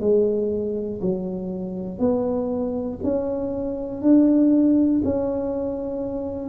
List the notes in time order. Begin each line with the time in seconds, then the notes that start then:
0.00 G#3
1.01 F#3
1.99 B3
3.04 C#4
4.02 D4
5.04 C#4